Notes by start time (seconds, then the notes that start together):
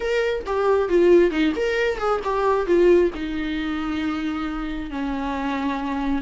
0.00 A#4
0.45 G4
0.88 F4
1.31 D#4
1.56 A#4
1.98 G#4
2.23 G4
2.66 F4
3.14 D#4
4.90 C#4